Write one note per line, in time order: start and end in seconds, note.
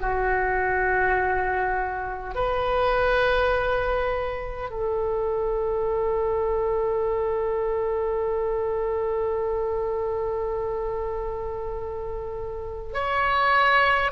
0.00 2.35 F#4
2.35 4.70 B4
4.70 12.93 A4
12.94 14.11 C#5